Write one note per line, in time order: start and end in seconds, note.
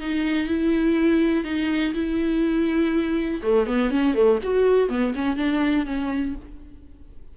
0.00 0.47 D#4
0.47 1.44 E4
1.44 1.93 D#4
1.94 3.41 E4
3.42 3.66 A3
3.66 3.90 B3
3.90 4.14 C#4
4.14 4.39 A3
4.43 4.89 F#4
4.89 5.13 B3
5.15 5.36 C#4
5.36 5.85 D4
5.85 6.35 C#4